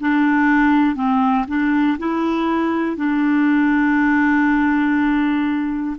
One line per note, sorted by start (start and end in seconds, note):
0.00 0.95 D4
0.95 1.45 C4
1.48 1.98 D4
1.99 2.97 E4
2.97 5.97 D4